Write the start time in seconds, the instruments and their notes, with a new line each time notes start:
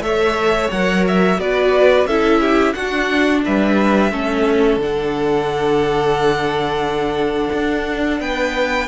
0.00 cello A3, viola A4, violin C#5 E5
0.70 cello F#3, viola A#4, violin F#5
1.07 violin E5
1.38 cello B3, viola F#4, violin B4 D5
2.05 cello C#4, viola E4, violin A4 E5
2.40 violin G4
2.73 cello D4, viola D4, violin F#4 F#5
3.44 cello G3, violin B4 E5
4.12 cello A3, viola C#4, violin A4
4.77 cello D3, viola D4, violin F#5
7.52 cello D4
8.20 cello B3, violin B4 G5